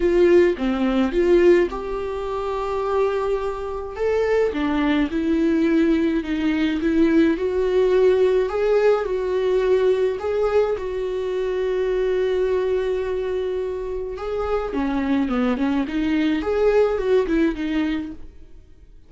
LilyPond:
\new Staff \with { instrumentName = "viola" } { \time 4/4 \tempo 4 = 106 f'4 c'4 f'4 g'4~ | g'2. a'4 | d'4 e'2 dis'4 | e'4 fis'2 gis'4 |
fis'2 gis'4 fis'4~ | fis'1~ | fis'4 gis'4 cis'4 b8 cis'8 | dis'4 gis'4 fis'8 e'8 dis'4 | }